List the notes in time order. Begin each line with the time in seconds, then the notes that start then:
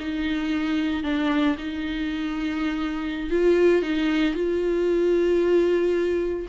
0.00 D#4
1.03 D4
1.58 D#4
3.30 F4
3.82 D#4
4.34 F4